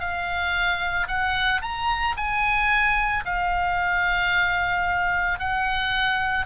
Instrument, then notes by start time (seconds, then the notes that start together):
oboe
0.00 F5
1.08 F#5
1.62 A#5
2.17 G#5
3.25 F5
5.39 F#5